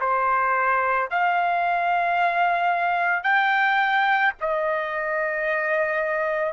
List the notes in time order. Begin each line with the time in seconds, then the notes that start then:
0.00 C5
1.11 F5
3.24 G5
4.41 D#5